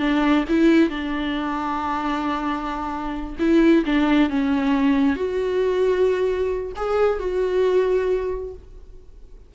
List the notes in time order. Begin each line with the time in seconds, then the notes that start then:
0.00 D4
0.49 E4
0.90 D4
3.39 E4
3.86 D4
4.30 C#4
5.16 F#4
6.77 G#4
7.19 F#4